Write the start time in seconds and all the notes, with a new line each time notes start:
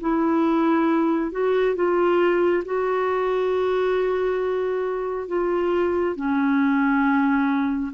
0.00 E4
1.32 F#4
1.75 F4
2.65 F#4
5.28 F4
6.16 C#4